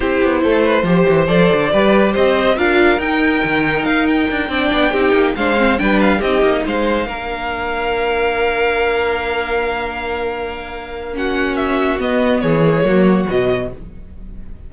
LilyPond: <<
  \new Staff \with { instrumentName = "violin" } { \time 4/4 \tempo 4 = 140 c''2. d''4~ | d''4 dis''4 f''4 g''4~ | g''4 f''8 g''2~ g''8~ | g''8 f''4 g''8 f''8 dis''4 f''8~ |
f''1~ | f''1~ | f''2 fis''4 e''4 | dis''4 cis''2 dis''4 | }
  \new Staff \with { instrumentName = "violin" } { \time 4/4 g'4 a'8 b'8 c''2 | b'4 c''4 ais'2~ | ais'2~ ais'8 d''4 g'8~ | g'8 c''4 b'4 g'4 c''8~ |
c''8 ais'2.~ ais'8~ | ais'1~ | ais'2 fis'2~ | fis'4 gis'4 fis'2 | }
  \new Staff \with { instrumentName = "viola" } { \time 4/4 e'2 g'4 a'4 | g'2 f'4 dis'4~ | dis'2~ dis'8 d'4 dis'8~ | dis'8 d'8 c'8 d'4 dis'4.~ |
dis'8 d'2.~ d'8~ | d'1~ | d'2 cis'2 | b4. ais16 gis16 ais4 fis4 | }
  \new Staff \with { instrumentName = "cello" } { \time 4/4 c'8 b8 a4 f8 e8 f8 d8 | g4 c'4 d'4 dis'4 | dis4 dis'4 d'8 c'8 b8 c'8 | ais8 gis4 g4 c'8 ais8 gis8~ |
gis8 ais2.~ ais8~ | ais1~ | ais1 | b4 e4 fis4 b,4 | }
>>